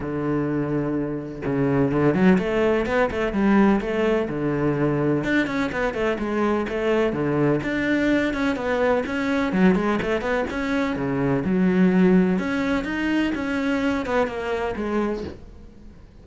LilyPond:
\new Staff \with { instrumentName = "cello" } { \time 4/4 \tempo 4 = 126 d2. cis4 | d8 fis8 a4 b8 a8 g4 | a4 d2 d'8 cis'8 | b8 a8 gis4 a4 d4 |
d'4. cis'8 b4 cis'4 | fis8 gis8 a8 b8 cis'4 cis4 | fis2 cis'4 dis'4 | cis'4. b8 ais4 gis4 | }